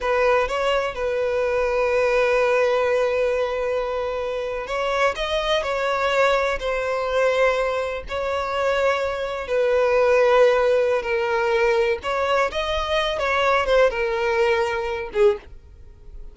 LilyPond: \new Staff \with { instrumentName = "violin" } { \time 4/4 \tempo 4 = 125 b'4 cis''4 b'2~ | b'1~ | b'4.~ b'16 cis''4 dis''4 cis''16~ | cis''4.~ cis''16 c''2~ c''16~ |
c''8. cis''2. b'16~ | b'2. ais'4~ | ais'4 cis''4 dis''4. cis''8~ | cis''8 c''8 ais'2~ ais'8 gis'8 | }